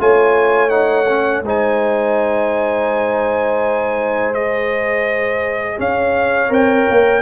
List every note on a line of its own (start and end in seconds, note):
0.00 1.43 A3
0.00 0.70 F4
0.00 1.45 C#5
0.00 0.70 G#5
0.70 1.06 D#4
0.70 1.42 F#5
1.09 1.45 C#4
1.43 5.77 G#3
1.43 4.34 D#4
1.43 5.78 C5
1.43 4.34 G#5
4.34 6.49 G#4
4.34 5.79 D#5
5.78 6.50 C#4
5.78 7.23 C#5
5.78 6.53 F5
6.49 6.87 C4
6.49 7.21 A#4
6.49 7.23 G5
6.90 7.23 A#3